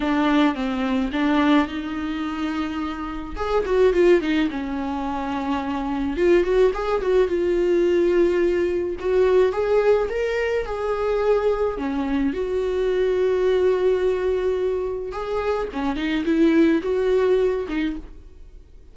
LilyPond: \new Staff \with { instrumentName = "viola" } { \time 4/4 \tempo 4 = 107 d'4 c'4 d'4 dis'4~ | dis'2 gis'8 fis'8 f'8 dis'8 | cis'2. f'8 fis'8 | gis'8 fis'8 f'2. |
fis'4 gis'4 ais'4 gis'4~ | gis'4 cis'4 fis'2~ | fis'2. gis'4 | cis'8 dis'8 e'4 fis'4. dis'8 | }